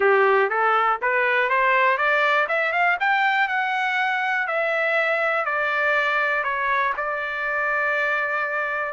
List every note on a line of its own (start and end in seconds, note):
0.00 0.49 G4
0.49 0.99 A4
1.01 1.49 B4
1.49 1.97 C5
1.97 2.47 D5
2.48 2.72 E5
2.72 2.97 F5
3.00 3.48 G5
3.48 4.47 F#5
4.47 5.45 E5
5.45 6.43 D5
6.43 6.93 C#5
6.96 8.93 D5